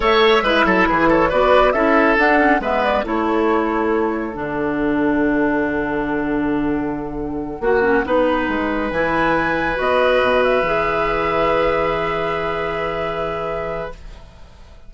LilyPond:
<<
  \new Staff \with { instrumentName = "flute" } { \time 4/4 \tempo 4 = 138 e''2 b'8 cis''8 d''4 | e''4 fis''4 e''8 d''8 cis''4~ | cis''2 fis''2~ | fis''1~ |
fis''1~ | fis''8 gis''2 dis''4. | e''1~ | e''1 | }
  \new Staff \with { instrumentName = "oboe" } { \time 4/4 cis''4 b'8 a'8 gis'8 a'8 b'4 | a'2 b'4 a'4~ | a'1~ | a'1~ |
a'4. fis'4 b'4.~ | b'1~ | b'1~ | b'1 | }
  \new Staff \with { instrumentName = "clarinet" } { \time 4/4 a'4 e'2 fis'4 | e'4 d'8 cis'8 b4 e'4~ | e'2 d'2~ | d'1~ |
d'4. fis'8 cis'8 dis'4.~ | dis'8 e'2 fis'4.~ | fis'8 gis'2.~ gis'8~ | gis'1 | }
  \new Staff \with { instrumentName = "bassoon" } { \time 4/4 a4 gis8 fis8 e4 b4 | cis'4 d'4 gis4 a4~ | a2 d2~ | d1~ |
d4. ais4 b4 gis8~ | gis8 e2 b4 b,8~ | b,8 e2.~ e8~ | e1 | }
>>